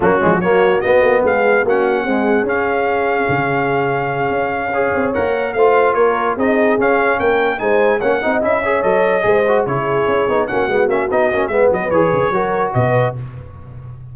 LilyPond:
<<
  \new Staff \with { instrumentName = "trumpet" } { \time 4/4 \tempo 4 = 146 fis'4 cis''4 dis''4 f''4 | fis''2 f''2~ | f''1~ | f''8 fis''4 f''4 cis''4 dis''8~ |
dis''8 f''4 g''4 gis''4 fis''8~ | fis''8 e''4 dis''2 cis''8~ | cis''4. fis''4 e''8 dis''4 | e''8 dis''8 cis''2 dis''4 | }
  \new Staff \with { instrumentName = "horn" } { \time 4/4 cis'4 fis'2 gis'4 | fis'4 gis'2.~ | gis'2.~ gis'8 cis''8~ | cis''4. c''4 ais'4 gis'8~ |
gis'4. ais'4 c''4 cis''8 | dis''4 cis''4. c''4 gis'8~ | gis'4. fis'2~ fis'8 | b'2 ais'4 b'4 | }
  \new Staff \with { instrumentName = "trombone" } { \time 4/4 ais8 gis8 ais4 b2 | cis'4 gis4 cis'2~ | cis'2.~ cis'8 gis'8~ | gis'8 ais'4 f'2 dis'8~ |
dis'8 cis'2 dis'4 cis'8 | dis'8 e'8 gis'8 a'4 gis'8 fis'8 e'8~ | e'4 dis'8 cis'8 b8 cis'8 dis'8 cis'8 | b4 gis'4 fis'2 | }
  \new Staff \with { instrumentName = "tuba" } { \time 4/4 fis8 f8 fis4 b8 ais8 gis4 | ais4 c'4 cis'2 | cis2~ cis8 cis'4. | c'8 ais4 a4 ais4 c'8~ |
c'8 cis'4 ais4 gis4 ais8 | c'8 cis'4 fis4 gis4 cis8~ | cis8 cis'8 b8 ais8 gis8 ais8 b8 ais8 | gis8 fis8 e8 cis8 fis4 b,4 | }
>>